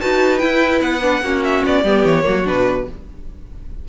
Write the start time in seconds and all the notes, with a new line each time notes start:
0.00 D#4 F#4 B4 A5
0.38 E4 G5
0.81 B3 F#5
1.02 D4
1.21 A#3 C#4 F#4
1.43 E5
1.65 B3 D5
1.83 G3 B3 G4
2.05 E3 C#5
2.22 A#3 F#4
2.28 F#3
2.44 B2 D4 B4